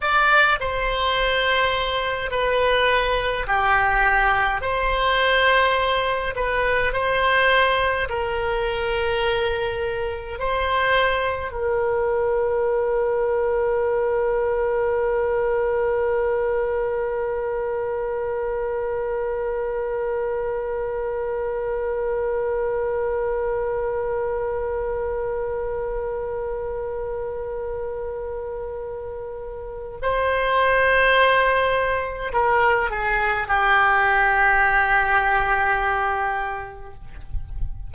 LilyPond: \new Staff \with { instrumentName = "oboe" } { \time 4/4 \tempo 4 = 52 d''8 c''4. b'4 g'4 | c''4. b'8 c''4 ais'4~ | ais'4 c''4 ais'2~ | ais'1~ |
ais'1~ | ais'1~ | ais'2 c''2 | ais'8 gis'8 g'2. | }